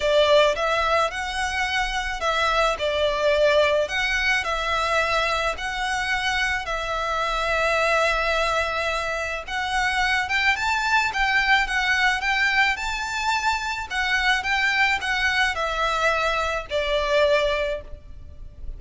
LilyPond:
\new Staff \with { instrumentName = "violin" } { \time 4/4 \tempo 4 = 108 d''4 e''4 fis''2 | e''4 d''2 fis''4 | e''2 fis''2 | e''1~ |
e''4 fis''4. g''8 a''4 | g''4 fis''4 g''4 a''4~ | a''4 fis''4 g''4 fis''4 | e''2 d''2 | }